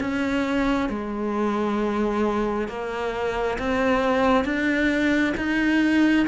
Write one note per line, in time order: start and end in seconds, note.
0.00 0.90 C#4
0.90 2.68 G#3
2.68 3.58 A#3
3.59 4.44 C4
4.44 5.34 D4
5.37 6.26 D#4